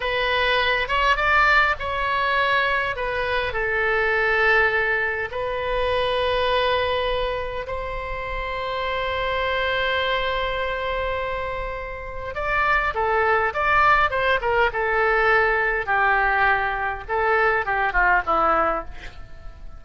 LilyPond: \new Staff \with { instrumentName = "oboe" } { \time 4/4 \tempo 4 = 102 b'4. cis''8 d''4 cis''4~ | cis''4 b'4 a'2~ | a'4 b'2.~ | b'4 c''2.~ |
c''1~ | c''4 d''4 a'4 d''4 | c''8 ais'8 a'2 g'4~ | g'4 a'4 g'8 f'8 e'4 | }